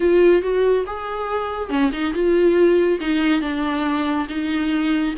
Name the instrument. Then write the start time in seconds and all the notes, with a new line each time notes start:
viola
0.00 F4
0.42 F#4
0.86 G#4
1.69 C#4
1.92 D#4
2.13 F4
3.00 D#4
3.41 D4
4.28 D#4